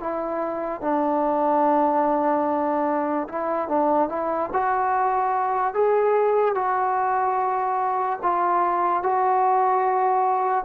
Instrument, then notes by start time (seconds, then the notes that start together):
trombone
0.00 E4
0.81 D4
3.29 E4
3.68 D4
4.09 E4
4.53 F#4
5.74 G#4
6.55 F#4
8.22 F4
9.03 F#4